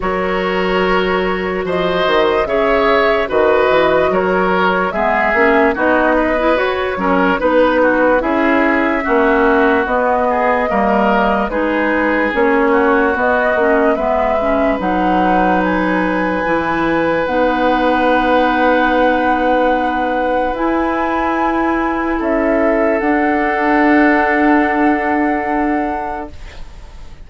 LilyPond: <<
  \new Staff \with { instrumentName = "flute" } { \time 4/4 \tempo 4 = 73 cis''2 dis''4 e''4 | dis''4 cis''4 e''4 dis''4 | cis''4 b'4 e''2 | dis''2 b'4 cis''4 |
dis''4 e''4 fis''4 gis''4~ | gis''4 fis''2.~ | fis''4 gis''2 e''4 | fis''1 | }
  \new Staff \with { instrumentName = "oboe" } { \time 4/4 ais'2 c''4 cis''4 | b'4 ais'4 gis'4 fis'8 b'8~ | b'8 ais'8 b'8 fis'8 gis'4 fis'4~ | fis'8 gis'8 ais'4 gis'4. fis'8~ |
fis'4 b'2.~ | b'1~ | b'2. a'4~ | a'1 | }
  \new Staff \with { instrumentName = "clarinet" } { \time 4/4 fis'2. gis'4 | fis'2 b8 cis'8 dis'8. e'16 | fis'8 cis'8 dis'4 e'4 cis'4 | b4 ais4 dis'4 cis'4 |
b8 cis'8 b8 cis'8 dis'2 | e'4 dis'2.~ | dis'4 e'2. | d'1 | }
  \new Staff \with { instrumentName = "bassoon" } { \time 4/4 fis2 f8 dis8 cis4 | dis8 e8 fis4 gis8 ais8 b4 | fis'8 fis8 b4 cis'4 ais4 | b4 g4 gis4 ais4 |
b8 ais8 gis4 fis2 | e4 b2.~ | b4 e'2 cis'4 | d'1 | }
>>